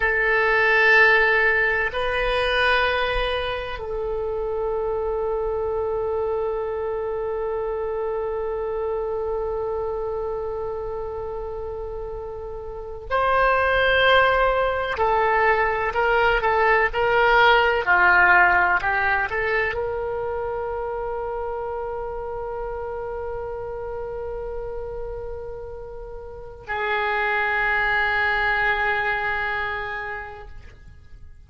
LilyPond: \new Staff \with { instrumentName = "oboe" } { \time 4/4 \tempo 4 = 63 a'2 b'2 | a'1~ | a'1~ | a'4.~ a'16 c''2 a'16~ |
a'8. ais'8 a'8 ais'4 f'4 g'16~ | g'16 a'8 ais'2.~ ais'16~ | ais'1 | gis'1 | }